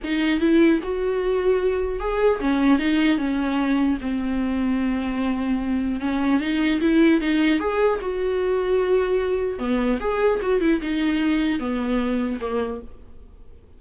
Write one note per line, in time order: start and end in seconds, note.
0.03 0.40 D#4
0.40 0.80 E4
0.83 1.99 F#4
1.99 2.39 G#4
2.39 2.79 C#4
2.79 3.17 D#4
3.17 3.97 C#4
4.01 6.00 C4
6.00 6.40 C#4
6.40 6.80 D#4
6.80 7.20 E4
7.20 7.59 D#4
7.59 7.99 G#4
8.01 9.59 F#4
9.59 9.99 B3
9.99 10.39 G#4
10.41 10.61 F#4
10.61 10.81 E4
10.81 11.59 D#4
11.59 12.39 B3
12.40 12.80 A#3